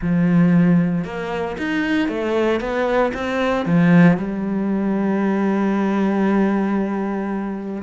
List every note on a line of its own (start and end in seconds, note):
0.01 1.04 F3
1.04 1.56 A#3
1.58 2.08 D#4
2.08 2.60 A3
2.60 3.12 B3
3.14 3.65 C4
3.65 4.17 F3
4.17 7.82 G3